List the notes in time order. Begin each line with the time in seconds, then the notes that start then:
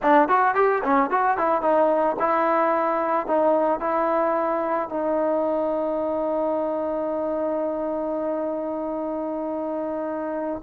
0.02 D4
0.28 F#4
0.55 G4
0.83 C#4
1.10 F#4
1.37 E4
1.61 D#4
2.19 E4
3.27 D#4
3.80 E4
4.89 D#4